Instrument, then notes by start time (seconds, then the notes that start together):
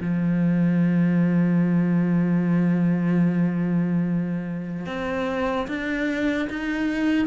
cello
0.00 F3
4.86 C4
5.67 D4
6.49 D#4